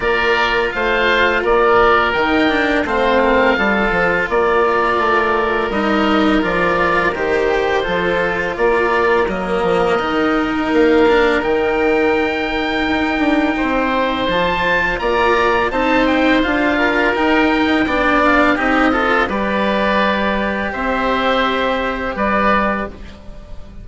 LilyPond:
<<
  \new Staff \with { instrumentName = "oboe" } { \time 4/4 \tempo 4 = 84 d''4 f''4 d''4 g''4 | f''2 d''2 | dis''4 d''4 c''2 | d''4 dis''2 f''4 |
g''1 | a''4 ais''4 a''8 g''8 f''4 | g''4. f''8 dis''4 d''4~ | d''4 e''2 d''4 | }
  \new Staff \with { instrumentName = "oboe" } { \time 4/4 ais'4 c''4 ais'2 | c''8 ais'8 a'4 ais'2~ | ais'2. a'4 | ais'1~ |
ais'2. c''4~ | c''4 d''4 c''4. ais'8~ | ais'4 d''4 g'8 a'8 b'4~ | b'4 c''2 b'4 | }
  \new Staff \with { instrumentName = "cello" } { \time 4/4 f'2. dis'8 d'8 | c'4 f'2. | dis'4 f'4 g'4 f'4~ | f'4 ais4 dis'4. d'8 |
dis'1 | f'2 dis'4 f'4 | dis'4 d'4 dis'8 f'8 g'4~ | g'1 | }
  \new Staff \with { instrumentName = "bassoon" } { \time 4/4 ais4 a4 ais4 dis4 | a4 g8 f8 ais4 a4 | g4 f4 dis4 f4 | ais4 fis8 f8 dis4 ais4 |
dis2 dis'8 d'8 c'4 | f4 ais4 c'4 d'4 | dis'4 b4 c'4 g4~ | g4 c'2 g4 | }
>>